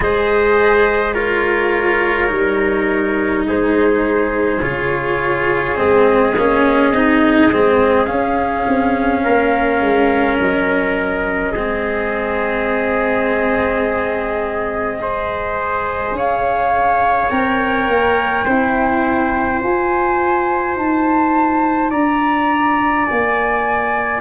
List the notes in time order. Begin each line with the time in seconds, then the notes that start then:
0.00 G#3 G#4 C5 D#5
1.13 F4 A#4 C#5
2.27 G3 D#4
3.46 G#3 G#4 C5
4.61 C#3 F4 C#5
5.75 G#3 C4 D#5
6.35 A#3 C#4
6.91 C4 D#4
7.51 G#3 C4
8.05 C#4 F5
8.67 C4
9.23 A#3 A#4
9.80 G#3
10.39 F#3 D#5
11.51 G#3 C4 G#4
14.99 G#4 C5
16.11 C#4 C#5 F5
17.29 C4 A#4 G5
17.87 A#3
18.44 C4 E4 C5
19.60 F4 G#5
20.76 D#4 A5
21.90 D4 D5 A#5
23.05 A#3 G#5